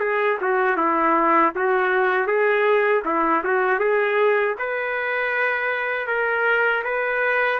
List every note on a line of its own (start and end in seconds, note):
0.00 0.38 G#4
0.41 0.77 F#4
0.77 1.53 E4
1.55 2.27 F#4
2.27 3.03 G#4
3.05 3.43 E4
3.44 3.79 F#4
3.79 4.55 G#4
4.59 6.07 B4
6.07 6.83 A#4
6.84 7.59 B4